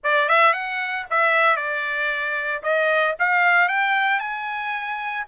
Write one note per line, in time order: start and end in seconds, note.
0.03 0.28 D5
0.28 0.53 E5
0.53 1.05 F#5
1.10 1.56 E5
1.56 2.61 D5
2.62 3.15 D#5
3.19 3.68 F5
3.68 4.19 G5
4.19 5.24 G#5